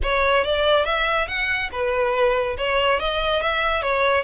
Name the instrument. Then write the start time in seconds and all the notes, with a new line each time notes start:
violin
0.02 C#5
0.44 D5
0.85 E5
1.27 F#5
1.71 B4
2.57 C#5
2.99 D#5
3.41 E5
3.82 C#5